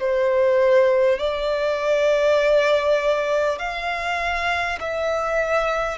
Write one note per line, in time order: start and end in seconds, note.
0.00 1.18 C5
1.18 3.58 D5
3.58 4.78 F5
4.80 5.98 E5